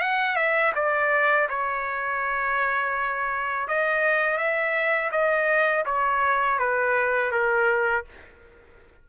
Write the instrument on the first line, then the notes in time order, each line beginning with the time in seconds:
trumpet
0.00 F#5
0.36 E5
0.75 D5
1.49 C#5
3.68 D#5
4.37 E5
5.11 D#5
5.85 C#5
6.59 B4
7.31 A#4